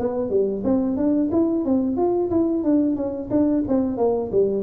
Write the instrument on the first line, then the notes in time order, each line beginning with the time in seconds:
tuba
0.00 B3
0.30 G3
0.65 C4
0.97 D4
1.32 E4
1.65 C4
1.97 F4
2.31 E4
2.64 D4
2.96 C#4
3.31 D4
3.68 C4
3.98 A#3
4.32 G3